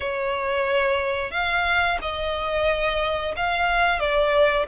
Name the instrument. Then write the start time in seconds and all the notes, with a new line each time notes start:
violin
0.00 C#5
1.31 F5
2.01 D#5
3.36 F5
3.99 D5